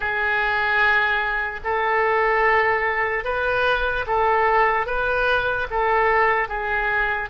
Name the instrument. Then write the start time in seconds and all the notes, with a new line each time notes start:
oboe
0.00 G#4
1.64 A4
3.24 B4
4.06 A4
4.86 B4
5.70 A4
6.48 G#4